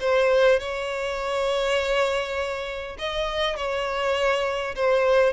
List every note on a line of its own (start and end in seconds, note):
0.00 0.59 C5
0.59 2.97 C#5
2.98 3.56 D#5
3.56 4.75 C#5
4.75 5.33 C5